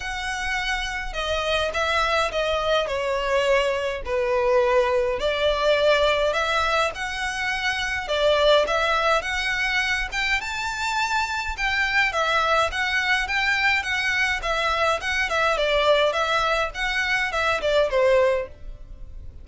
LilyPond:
\new Staff \with { instrumentName = "violin" } { \time 4/4 \tempo 4 = 104 fis''2 dis''4 e''4 | dis''4 cis''2 b'4~ | b'4 d''2 e''4 | fis''2 d''4 e''4 |
fis''4. g''8 a''2 | g''4 e''4 fis''4 g''4 | fis''4 e''4 fis''8 e''8 d''4 | e''4 fis''4 e''8 d''8 c''4 | }